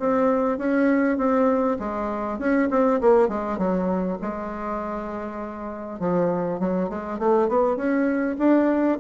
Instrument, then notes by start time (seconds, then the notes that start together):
bassoon
0.00 C4
0.58 C#4
1.18 C4
1.80 G#3
2.39 C#4
2.71 C4
3.01 A#3
3.29 G#3
3.59 F#3
4.22 G#3
6.00 F3
6.60 F#3
6.90 G#3
7.19 A3
7.49 B3
7.77 C#4
8.39 D4